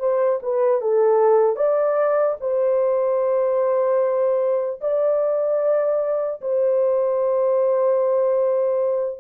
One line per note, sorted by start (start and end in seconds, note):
0.00 0.40 C5
0.43 0.82 B4
0.82 1.56 A4
1.56 2.36 D5
2.41 4.81 C5
4.81 6.41 D5
6.41 9.20 C5